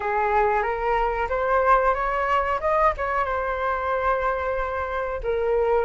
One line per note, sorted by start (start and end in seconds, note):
0.00 0.62 G#4
0.62 1.27 A#4
1.29 1.94 C5
1.94 2.59 C#5
2.60 2.93 D#5
2.97 3.25 C#5
3.25 5.20 C5
5.23 5.85 A#4